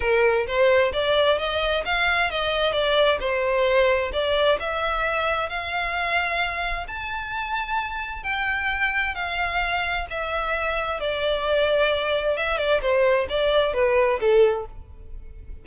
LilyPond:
\new Staff \with { instrumentName = "violin" } { \time 4/4 \tempo 4 = 131 ais'4 c''4 d''4 dis''4 | f''4 dis''4 d''4 c''4~ | c''4 d''4 e''2 | f''2. a''4~ |
a''2 g''2 | f''2 e''2 | d''2. e''8 d''8 | c''4 d''4 b'4 a'4 | }